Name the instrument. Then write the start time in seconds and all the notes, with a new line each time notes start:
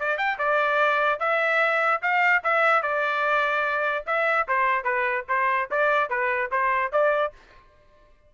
trumpet
0.00 D5
0.18 G5
0.39 D5
1.20 E5
2.02 F5
2.44 E5
2.83 D5
4.07 E5
4.48 C5
4.84 B4
5.29 C5
5.71 D5
6.10 B4
6.52 C5
6.92 D5